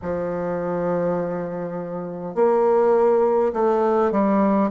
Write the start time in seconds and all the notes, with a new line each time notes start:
0.02 F3
2.35 A#3
3.53 A3
4.11 G3